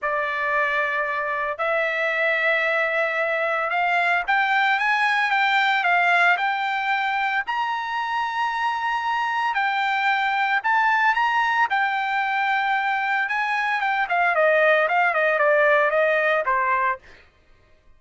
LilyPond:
\new Staff \with { instrumentName = "trumpet" } { \time 4/4 \tempo 4 = 113 d''2. e''4~ | e''2. f''4 | g''4 gis''4 g''4 f''4 | g''2 ais''2~ |
ais''2 g''2 | a''4 ais''4 g''2~ | g''4 gis''4 g''8 f''8 dis''4 | f''8 dis''8 d''4 dis''4 c''4 | }